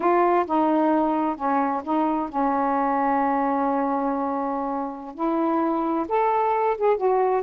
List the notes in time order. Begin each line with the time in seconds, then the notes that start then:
0.00 F4
0.45 D#4
1.36 C#4
1.84 D#4
2.29 C#4
5.14 E4
6.08 A4
6.77 G#4
6.96 F#4